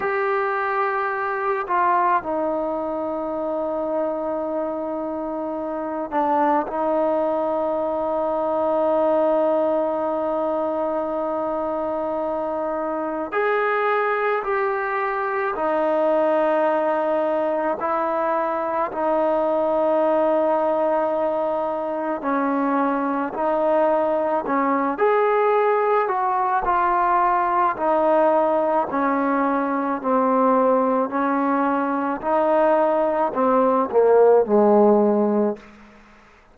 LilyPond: \new Staff \with { instrumentName = "trombone" } { \time 4/4 \tempo 4 = 54 g'4. f'8 dis'2~ | dis'4. d'8 dis'2~ | dis'1 | gis'4 g'4 dis'2 |
e'4 dis'2. | cis'4 dis'4 cis'8 gis'4 fis'8 | f'4 dis'4 cis'4 c'4 | cis'4 dis'4 c'8 ais8 gis4 | }